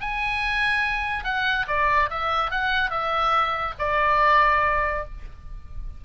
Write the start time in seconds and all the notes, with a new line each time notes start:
0.00 G#5
1.24 F#5
1.67 D5
2.10 E5
2.51 F#5
2.90 E5
3.78 D5